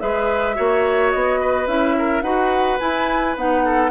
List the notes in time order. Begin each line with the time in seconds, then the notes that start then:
0.00 G#3 G#4 B4 E5
0.55 A#3 F#4 C#5
1.11 B3 D#5
1.40 B4
1.67 C#4 E4 E5
1.98 A#4
2.22 D#4 F#4 B4 F#5
2.79 E4 G#5
3.36 B3 D#4 F#5
3.64 A4